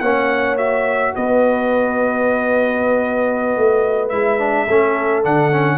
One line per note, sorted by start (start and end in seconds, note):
0.00 1.14 A#3
0.00 0.58 C#4
0.00 1.15 C#5
0.00 0.57 F#5
0.58 4.12 F#4
0.58 1.14 E5
1.16 3.57 B3
1.16 4.68 B4
1.16 4.09 D#5
3.57 4.12 A3
4.09 4.69 G#3
4.09 4.39 E4
4.09 5.23 E5
4.39 4.67 D4
4.68 5.25 A3
4.68 5.23 C#4
4.68 5.78 A4
5.23 5.78 D3
5.23 5.52 D4
5.23 5.78 F#5
5.52 5.78 C#4